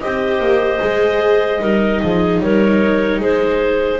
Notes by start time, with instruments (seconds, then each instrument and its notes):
0.00 double bass C4, viola G4, clarinet C5 D#5
0.40 double bass A#3
0.80 double bass G#3, viola G#4
1.59 double bass G3, viola D#4, clarinet A#4
2.02 double bass F3, clarinet G#4
2.40 double bass G3, clarinet A#4 C#5
3.20 double bass G#3, clarinet G#4 C5